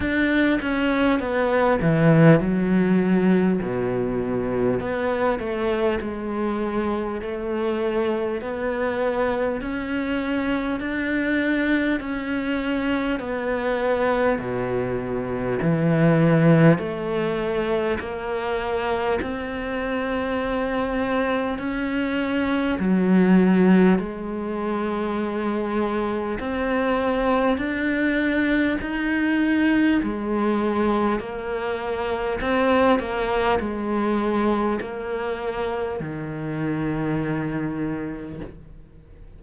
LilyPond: \new Staff \with { instrumentName = "cello" } { \time 4/4 \tempo 4 = 50 d'8 cis'8 b8 e8 fis4 b,4 | b8 a8 gis4 a4 b4 | cis'4 d'4 cis'4 b4 | b,4 e4 a4 ais4 |
c'2 cis'4 fis4 | gis2 c'4 d'4 | dis'4 gis4 ais4 c'8 ais8 | gis4 ais4 dis2 | }